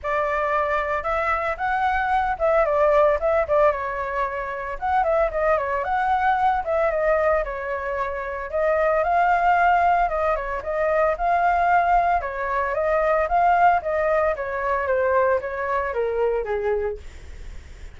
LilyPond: \new Staff \with { instrumentName = "flute" } { \time 4/4 \tempo 4 = 113 d''2 e''4 fis''4~ | fis''8 e''8 d''4 e''8 d''8 cis''4~ | cis''4 fis''8 e''8 dis''8 cis''8 fis''4~ | fis''8 e''8 dis''4 cis''2 |
dis''4 f''2 dis''8 cis''8 | dis''4 f''2 cis''4 | dis''4 f''4 dis''4 cis''4 | c''4 cis''4 ais'4 gis'4 | }